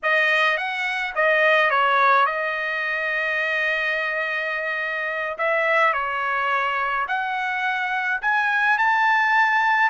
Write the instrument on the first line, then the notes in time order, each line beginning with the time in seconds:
trumpet
0.03 D#5
0.57 F#5
1.15 D#5
1.70 C#5
2.26 D#5
5.38 E5
5.93 C#5
7.08 F#5
8.21 G#5
8.77 A5